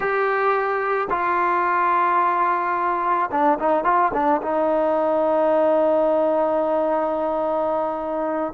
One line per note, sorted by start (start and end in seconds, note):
0.00 1.08 G4
1.09 3.30 F4
3.31 3.58 D4
3.59 3.84 D#4
3.84 4.11 F4
4.13 4.41 D4
4.42 8.53 D#4